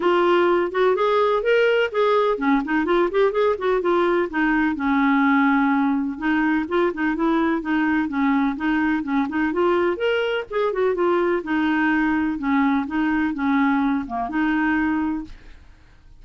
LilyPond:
\new Staff \with { instrumentName = "clarinet" } { \time 4/4 \tempo 4 = 126 f'4. fis'8 gis'4 ais'4 | gis'4 cis'8 dis'8 f'8 g'8 gis'8 fis'8 | f'4 dis'4 cis'2~ | cis'4 dis'4 f'8 dis'8 e'4 |
dis'4 cis'4 dis'4 cis'8 dis'8 | f'4 ais'4 gis'8 fis'8 f'4 | dis'2 cis'4 dis'4 | cis'4. ais8 dis'2 | }